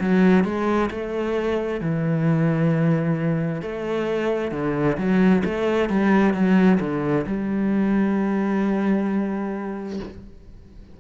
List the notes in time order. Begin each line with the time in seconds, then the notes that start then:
0.00 F#3
0.44 G#3
0.90 A3
1.81 E3
3.62 A3
4.51 D3
4.97 F#3
5.44 A3
5.89 G3
6.33 F#3
6.80 D3
7.26 G3